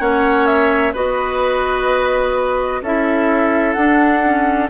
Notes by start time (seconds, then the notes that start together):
0.00 A#3 C#4 C#5 F#5
0.46 E5
0.93 B3 F#4 B4 D#5
2.82 C#4 E4 A4 E5
3.74 D4 F#5
4.24 C#4